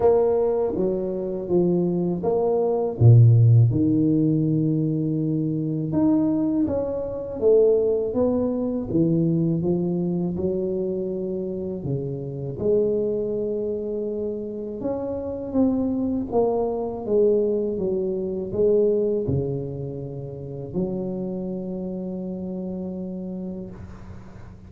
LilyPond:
\new Staff \with { instrumentName = "tuba" } { \time 4/4 \tempo 4 = 81 ais4 fis4 f4 ais4 | ais,4 dis2. | dis'4 cis'4 a4 b4 | e4 f4 fis2 |
cis4 gis2. | cis'4 c'4 ais4 gis4 | fis4 gis4 cis2 | fis1 | }